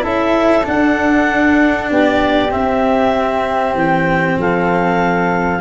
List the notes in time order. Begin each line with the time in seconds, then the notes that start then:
0.00 C#4 E4 A4 E5
0.63 D4 F#5
1.90 B3 G4 D5
2.50 C4 E5
3.74 E3 G5
4.38 F3 A4 F5